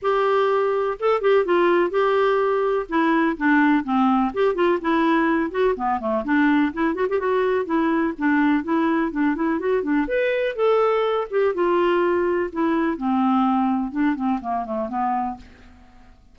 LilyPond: \new Staff \with { instrumentName = "clarinet" } { \time 4/4 \tempo 4 = 125 g'2 a'8 g'8 f'4 | g'2 e'4 d'4 | c'4 g'8 f'8 e'4. fis'8 | b8 a8 d'4 e'8 fis'16 g'16 fis'4 |
e'4 d'4 e'4 d'8 e'8 | fis'8 d'8 b'4 a'4. g'8 | f'2 e'4 c'4~ | c'4 d'8 c'8 ais8 a8 b4 | }